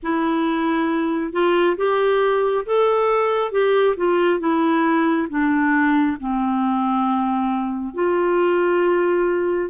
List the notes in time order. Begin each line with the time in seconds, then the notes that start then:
0.02 E4
1.32 F4
1.76 G4
2.65 A4
3.51 G4
3.96 F4
4.39 E4
5.29 D4
6.20 C4
7.94 F4